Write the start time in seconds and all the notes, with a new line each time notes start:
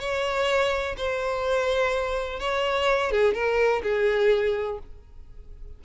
0.00 C#5
0.98 C5
2.40 C#5
3.12 G#4
3.34 A#4
3.83 G#4